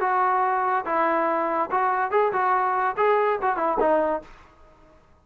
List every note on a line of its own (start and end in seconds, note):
0.00 0.85 F#4
0.85 1.70 E4
1.71 2.10 F#4
2.10 2.32 G#4
2.32 2.95 F#4
2.96 3.39 G#4
3.41 3.56 F#4
3.56 3.77 E4
3.79 4.22 D#4